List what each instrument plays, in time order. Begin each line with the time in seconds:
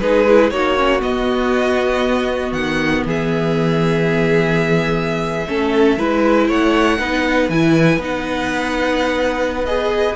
0.00 cello G#3, viola D#4, violin G#4 B4
0.28 viola E4
0.50 cello A#3, viola D#4, violin F#4 C#5
0.77 viola C#4
1.00 viola B3, cello B3, violin D#5
2.52 cello D#3, violin F#5
3.06 cello E3, violin G#4 E5
5.47 cello A3, viola C#4, violin A4
5.98 cello G#3, viola E4, violin B4
6.48 cello A3, violin C#5 F#5
6.99 cello B3, viola D#4, violin B4
7.49 cello E3, viola E4, violin G#5
7.98 cello B3, viola D#4
8.04 violin F#5
9.65 viola G#4, violin D#5